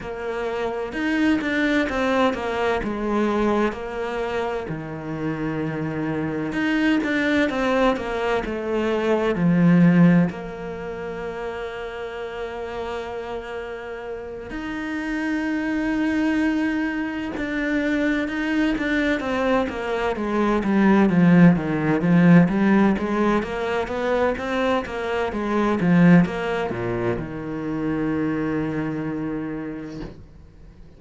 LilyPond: \new Staff \with { instrumentName = "cello" } { \time 4/4 \tempo 4 = 64 ais4 dis'8 d'8 c'8 ais8 gis4 | ais4 dis2 dis'8 d'8 | c'8 ais8 a4 f4 ais4~ | ais2.~ ais8 dis'8~ |
dis'2~ dis'8 d'4 dis'8 | d'8 c'8 ais8 gis8 g8 f8 dis8 f8 | g8 gis8 ais8 b8 c'8 ais8 gis8 f8 | ais8 ais,8 dis2. | }